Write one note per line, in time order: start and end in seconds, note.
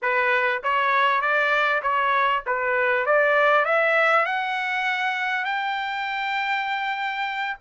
0.02 0.62 B4
0.63 1.21 C#5
1.21 1.81 D5
1.82 2.43 C#5
2.46 3.06 B4
3.06 3.65 D5
3.65 4.25 E5
4.25 5.44 F#5
5.44 7.56 G5